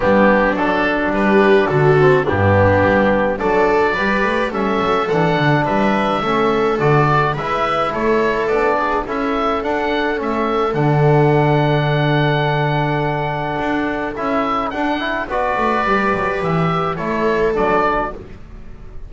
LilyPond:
<<
  \new Staff \with { instrumentName = "oboe" } { \time 4/4 \tempo 4 = 106 g'4 a'4 b'4 a'4 | g'2 d''2 | e''4 fis''4 e''2 | d''4 e''4 cis''4 d''4 |
e''4 fis''4 e''4 fis''4~ | fis''1~ | fis''4 e''4 fis''4 d''4~ | d''4 e''4 cis''4 d''4 | }
  \new Staff \with { instrumentName = "viola" } { \time 4/4 d'2 g'4 fis'4 | d'2 a'4 b'4 | a'2 b'4 a'4~ | a'4 b'4 a'4. gis'8 |
a'1~ | a'1~ | a'2. b'4~ | b'2 a'2 | }
  \new Staff \with { instrumentName = "trombone" } { \time 4/4 b4 d'2~ d'8 c'8 | b2 d'4 g'4 | cis'4 d'2 cis'4 | fis'4 e'2 d'4 |
e'4 d'4 cis'4 d'4~ | d'1~ | d'4 e'4 d'8 e'8 fis'4 | g'2 e'4 d'4 | }
  \new Staff \with { instrumentName = "double bass" } { \time 4/4 g4 fis4 g4 d4 | g,4 g4 fis4 g8 a8 | g8 fis8 e8 d8 g4 a4 | d4 gis4 a4 b4 |
cis'4 d'4 a4 d4~ | d1 | d'4 cis'4 d'4 b8 a8 | g8 fis8 e4 a4 fis4 | }
>>